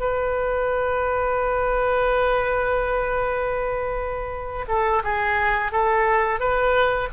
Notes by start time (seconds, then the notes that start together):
0.00 B4
4.68 A4
5.04 G#4
5.72 A4
6.40 B4